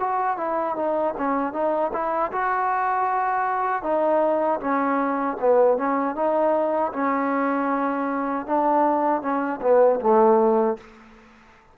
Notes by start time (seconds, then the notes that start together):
0.00 F#4
0.37 E4
0.76 D#4
1.18 C#4
1.53 D#4
1.93 E4
2.32 F#4
3.83 D#4
4.60 C#4
5.41 B3
5.78 C#4
6.16 D#4
6.93 C#4
8.47 D4
9.22 C#4
9.62 B3
10.01 A3